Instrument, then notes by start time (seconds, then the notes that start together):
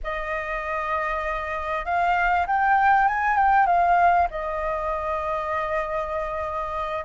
flute
0.03 D#5
1.85 F5
2.46 G5
3.08 G#5
3.36 G5
3.66 F5
4.30 D#5